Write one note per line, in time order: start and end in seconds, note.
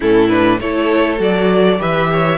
0.00 0.59 A2
0.00 0.29 C#4
0.00 0.59 E4
0.00 0.28 A4
0.28 0.59 D4
0.28 0.58 B4
0.59 1.19 A3
0.59 1.17 E4
0.59 1.79 A4
0.59 1.20 C#5
1.17 1.79 F#3
1.17 1.77 F#4
1.17 1.81 D5
1.78 2.38 E3
1.78 2.38 G4
1.78 2.09 B4
1.78 2.38 E5
2.12 2.38 C#5